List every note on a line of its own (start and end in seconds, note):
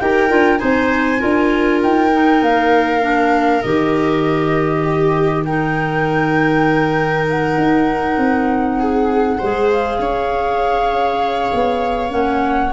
0.00 0.30 D#4
0.00 0.29 G4
0.00 0.60 A#4
0.00 0.58 G5
0.29 0.61 D4
0.29 0.58 F4
0.58 1.23 C4
0.58 1.19 D#4
0.58 1.20 C5
0.58 1.79 G#5
1.19 1.83 D4
1.19 2.10 F4
1.19 4.83 A#4
1.83 2.42 D#4
1.83 2.44 G5
2.12 3.01 D#4
2.42 3.63 A#3
2.42 3.62 F5
3.01 3.62 D4
3.62 7.57 D#3
3.62 5.46 G4
3.62 5.44 D#5
4.84 5.45 G4
5.45 9.40 D#4
5.45 8.80 A#4
5.45 7.26 G5
7.30 9.70 F#5
7.57 8.17 D#4
8.17 9.39 C4
8.80 9.38 G#4
9.38 9.99 G#3
9.38 12.09 G#4
9.38 9.99 C5
9.70 12.12 F5
9.99 11.50 C#4
9.99 12.73 C#5
11.53 12.12 B3
12.09 12.73 A#3
12.09 12.70 C#4
12.09 12.72 F#5